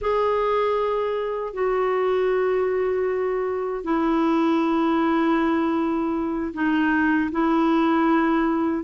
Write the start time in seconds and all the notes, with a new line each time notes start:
0.01 G#4
1.53 F#4
3.84 E4
6.53 D#4
7.31 E4